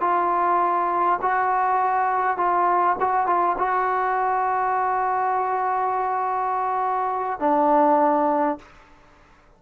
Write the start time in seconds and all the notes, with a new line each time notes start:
0.00 F4
1.21 F#4
2.37 F4
3.00 F#4
3.26 F4
3.58 F#4
7.39 D4